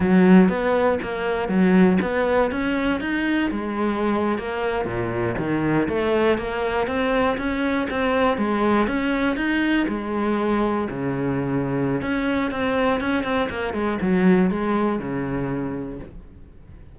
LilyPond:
\new Staff \with { instrumentName = "cello" } { \time 4/4 \tempo 4 = 120 fis4 b4 ais4 fis4 | b4 cis'4 dis'4 gis4~ | gis8. ais4 ais,4 dis4 a16~ | a8. ais4 c'4 cis'4 c'16~ |
c'8. gis4 cis'4 dis'4 gis16~ | gis4.~ gis16 cis2~ cis16 | cis'4 c'4 cis'8 c'8 ais8 gis8 | fis4 gis4 cis2 | }